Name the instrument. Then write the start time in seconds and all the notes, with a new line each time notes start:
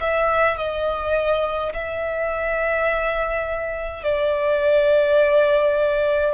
violin
0.00 E5
0.57 D#5
1.73 E5
4.03 D5